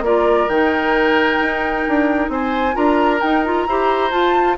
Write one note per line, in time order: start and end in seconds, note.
0.00 0.45 A#3
0.00 0.49 F4
0.00 2.31 A#4
0.00 0.48 D5
0.48 1.40 D#3
0.48 2.73 D#4
0.48 2.30 G5
1.40 1.85 D#4
1.88 2.28 D4
2.28 2.74 C4
2.28 2.75 C5
2.28 2.75 G#5
2.73 3.21 D4
2.73 3.18 F4
2.73 3.66 A#4
2.73 3.21 A#5
3.21 3.67 D#4
3.21 3.45 D#4
3.21 3.43 G5
3.44 3.67 F4
3.44 4.11 A#5
3.67 4.11 E4
3.67 4.10 G4
3.67 4.57 C5
4.10 4.56 F4
4.10 4.57 F4
4.10 4.56 A5